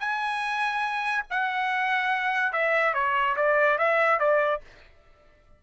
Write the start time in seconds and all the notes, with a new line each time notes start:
0.00 G#5
1.30 F#5
2.53 E5
2.94 C#5
3.36 D5
3.78 E5
4.20 D5